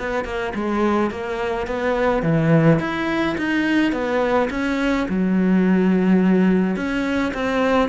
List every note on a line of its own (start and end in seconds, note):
0.00 0.25 B3
0.25 0.54 A#3
0.55 1.11 G#3
1.11 1.67 A#3
1.67 2.23 B3
2.23 2.80 E3
2.80 3.37 E4
3.38 3.93 D#4
3.93 4.49 B3
4.51 5.07 C#4
5.09 6.76 F#3
6.76 7.33 C#4
7.34 7.89 C4